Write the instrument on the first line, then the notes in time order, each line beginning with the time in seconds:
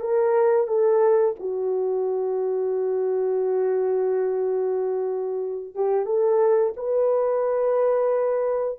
horn
0.00 A#4
0.67 A4
1.39 F#4
5.75 G4
6.06 A4
6.77 B4